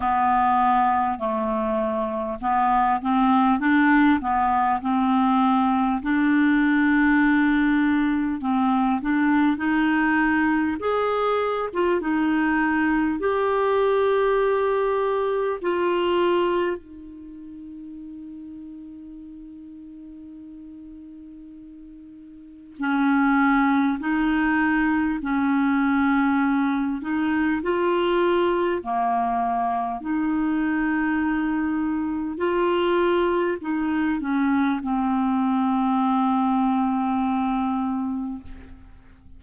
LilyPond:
\new Staff \with { instrumentName = "clarinet" } { \time 4/4 \tempo 4 = 50 b4 a4 b8 c'8 d'8 b8 | c'4 d'2 c'8 d'8 | dis'4 gis'8. f'16 dis'4 g'4~ | g'4 f'4 dis'2~ |
dis'2. cis'4 | dis'4 cis'4. dis'8 f'4 | ais4 dis'2 f'4 | dis'8 cis'8 c'2. | }